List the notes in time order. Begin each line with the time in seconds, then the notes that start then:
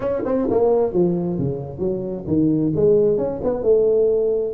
0.00 C#4
0.25 C4
0.50 A#3
0.93 F3
1.38 C#3
1.79 F#3
2.27 D#3
2.75 G#3
3.17 C#4
3.43 B3
3.62 A3